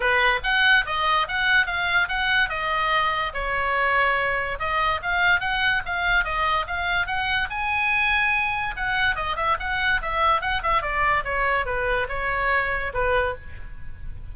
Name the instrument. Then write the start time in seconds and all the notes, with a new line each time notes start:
oboe
0.00 B4
0.43 F#5
0.86 D#5
1.28 F#5
1.66 F5
2.08 F#5
2.49 D#5
3.33 C#5
4.59 D#5
5.02 F5
5.40 F#5
5.85 F5
6.24 D#5
6.67 F5
7.06 F#5
7.49 G#5
8.76 F#5
9.15 D#5
9.36 E5
9.59 F#5
10.01 E5
10.41 F#5
10.62 E5
10.81 D5
11.24 C#5
11.65 B4
12.09 C#5
12.93 B4